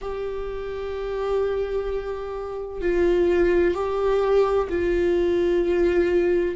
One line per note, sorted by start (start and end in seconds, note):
0.01 2.81 G4
2.81 3.74 F4
3.74 4.67 G4
4.69 6.55 F4